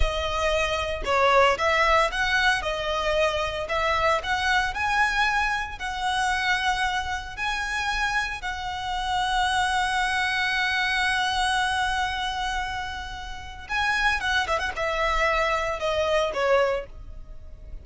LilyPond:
\new Staff \with { instrumentName = "violin" } { \time 4/4 \tempo 4 = 114 dis''2 cis''4 e''4 | fis''4 dis''2 e''4 | fis''4 gis''2 fis''4~ | fis''2 gis''2 |
fis''1~ | fis''1~ | fis''2 gis''4 fis''8 e''16 fis''16 | e''2 dis''4 cis''4 | }